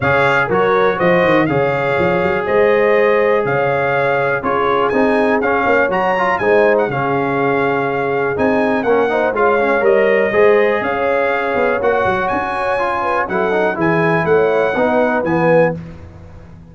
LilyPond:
<<
  \new Staff \with { instrumentName = "trumpet" } { \time 4/4 \tempo 4 = 122 f''4 cis''4 dis''4 f''4~ | f''4 dis''2 f''4~ | f''4 cis''4 gis''4 f''4 | ais''4 gis''8. fis''16 f''2~ |
f''4 gis''4 fis''4 f''4 | dis''2 f''2 | fis''4 gis''2 fis''4 | gis''4 fis''2 gis''4 | }
  \new Staff \with { instrumentName = "horn" } { \time 4/4 cis''4 ais'4 c''4 cis''4~ | cis''4 c''2 cis''4~ | cis''4 gis'2~ gis'8 cis''8~ | cis''4 c''4 gis'2~ |
gis'2 ais'8 c''8 cis''4~ | cis''4 c''4 cis''2~ | cis''2~ cis''8 b'8 a'4 | gis'4 cis''4 b'2 | }
  \new Staff \with { instrumentName = "trombone" } { \time 4/4 gis'4 fis'2 gis'4~ | gis'1~ | gis'4 f'4 dis'4 cis'4 | fis'8 f'8 dis'4 cis'2~ |
cis'4 dis'4 cis'8 dis'8 f'8 cis'8 | ais'4 gis'2. | fis'2 f'4 e'8 dis'8 | e'2 dis'4 b4 | }
  \new Staff \with { instrumentName = "tuba" } { \time 4/4 cis4 fis4 f8 dis8 cis4 | f8 fis8 gis2 cis4~ | cis4 cis'4 c'4 cis'8 ais8 | fis4 gis4 cis2~ |
cis4 c'4 ais4 gis4 | g4 gis4 cis'4. b8 | ais8 fis8 cis'2 fis4 | e4 a4 b4 e4 | }
>>